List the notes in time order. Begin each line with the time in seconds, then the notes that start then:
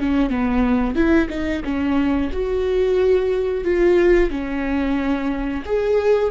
0.00 C#4
0.30 B3
0.95 E4
1.30 D#4
1.65 C#4
2.32 F#4
3.64 F4
4.30 C#4
5.65 G#4